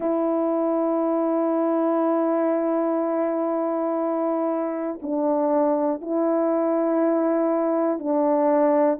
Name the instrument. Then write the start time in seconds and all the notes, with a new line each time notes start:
horn
0.00 E4
5.02 D4
6.00 E4
7.98 D4